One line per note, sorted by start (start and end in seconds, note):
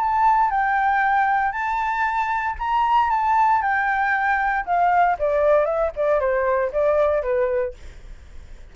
0.00 0.51 A5
0.51 1.52 G5
1.52 2.56 A5
2.59 3.10 A#5
3.10 3.62 A5
3.62 4.66 G5
4.66 5.17 F5
5.19 5.65 D5
5.65 5.91 E5
5.96 6.20 D5
6.20 6.72 C5
6.73 7.23 D5
7.23 7.74 B4